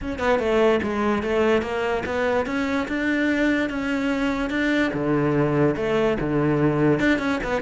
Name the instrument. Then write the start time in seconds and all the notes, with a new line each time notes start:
cello
0.01 C#4
0.18 B3
0.39 A3
0.82 G#3
1.23 A3
1.62 A#3
2.05 B3
2.46 C#4
2.88 D4
3.69 C#4
4.50 D4
4.93 D3
5.76 A3
6.20 D3
6.99 D4
7.18 C#4
7.43 B3